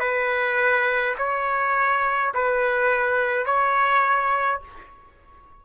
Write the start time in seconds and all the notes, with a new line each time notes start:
0.00 B4
1.18 C#5
2.34 B4
3.46 C#5